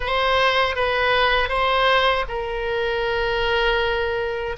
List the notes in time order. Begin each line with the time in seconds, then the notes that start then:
0.00 C5
0.75 B4
1.48 C5
2.28 A#4